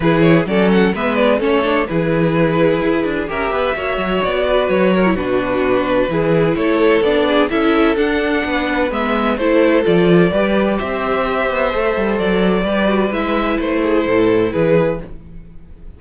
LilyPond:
<<
  \new Staff \with { instrumentName = "violin" } { \time 4/4 \tempo 4 = 128 b'8 cis''8 d''8 fis''8 e''8 d''8 cis''4 | b'2. e''4~ | e''4 d''4 cis''4 b'4~ | b'2 cis''4 d''4 |
e''4 fis''2 e''4 | c''4 d''2 e''4~ | e''2 d''2 | e''4 c''2 b'4 | }
  \new Staff \with { instrumentName = "violin" } { \time 4/4 gis'4 a'4 b'4 a'4 | gis'2. ais'8 b'8 | cis''4. b'4 ais'8 fis'4~ | fis'4 gis'4 a'4. gis'8 |
a'2 b'2 | a'2 b'4 c''4~ | c''2. b'4~ | b'4. gis'8 a'4 gis'4 | }
  \new Staff \with { instrumentName = "viola" } { \time 4/4 e'4 cis'4 b4 cis'8 d'8 | e'2. g'4 | fis'2~ fis'8. e'16 d'4~ | d'4 e'2 d'4 |
e'4 d'2 b4 | e'4 f'4 g'2~ | g'4 a'2 g'8 fis'8 | e'1 | }
  \new Staff \with { instrumentName = "cello" } { \time 4/4 e4 fis4 gis4 a4 | e2 e'8 d'8 cis'8 b8 | ais8 fis8 b4 fis4 b,4~ | b,4 e4 a4 b4 |
cis'4 d'4 b4 gis4 | a4 f4 g4 c'4~ | c'8 b8 a8 g8 fis4 g4 | gis4 a4 a,4 e4 | }
>>